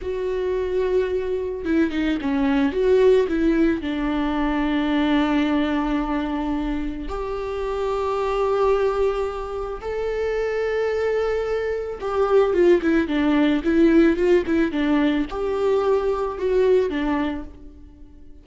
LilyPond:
\new Staff \with { instrumentName = "viola" } { \time 4/4 \tempo 4 = 110 fis'2. e'8 dis'8 | cis'4 fis'4 e'4 d'4~ | d'1~ | d'4 g'2.~ |
g'2 a'2~ | a'2 g'4 f'8 e'8 | d'4 e'4 f'8 e'8 d'4 | g'2 fis'4 d'4 | }